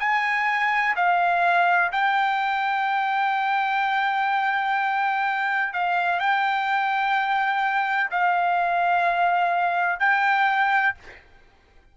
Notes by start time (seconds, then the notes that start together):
0.00 G#5
0.96 F5
1.92 G5
5.73 F5
6.20 G5
8.11 F5
10.00 G5